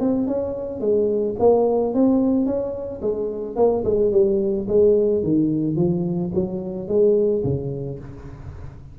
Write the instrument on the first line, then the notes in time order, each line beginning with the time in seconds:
tuba
0.00 C4
0.27 C#4
0.81 G#3
1.39 A#3
1.94 C4
2.46 C#4
3.02 G#3
3.56 A#3
3.84 G#3
4.12 G3
4.68 G#3
5.23 D#3
5.76 F3
6.34 F#3
6.88 G#3
7.44 C#3